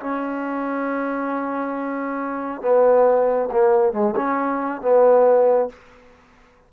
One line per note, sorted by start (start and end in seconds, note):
0.00 2.62 C#4
2.62 3.49 B3
3.52 3.93 A#3
3.93 4.15 G#3
4.16 4.82 C#4
4.82 5.69 B3